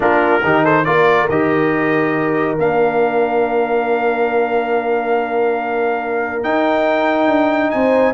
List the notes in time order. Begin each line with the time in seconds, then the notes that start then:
0.00 A#3 D4 F4 A#4
0.44 D#3 D#4 G4
0.64 A4 C5
0.85 A#3 F4 A#4 D5
1.29 D#3 G4 D#5
2.58 A#3 D4 F5
6.43 D#4 G5
7.27 D4
7.70 C4 C5 G#5